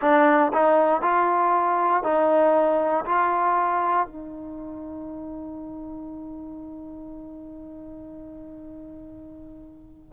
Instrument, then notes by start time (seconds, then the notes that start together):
trombone
0.01 D4
0.53 D#4
1.01 F4
2.03 D#4
3.05 F4
4.07 D#4